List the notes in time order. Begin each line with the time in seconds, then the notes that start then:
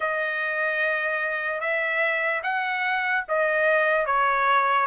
0.00 D#5
1.60 E5
2.43 F#5
3.28 D#5
4.05 C#5